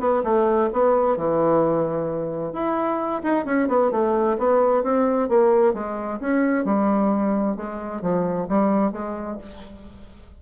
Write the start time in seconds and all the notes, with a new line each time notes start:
0.00 B3
0.24 A3
0.73 B3
1.17 E3
2.53 E4
3.23 D#4
3.45 C#4
3.68 B3
3.91 A3
4.38 B3
4.83 C4
5.29 A#3
5.74 G#3
6.20 C#4
6.65 G3
7.56 G#3
8.02 F3
8.48 G3
8.92 G#3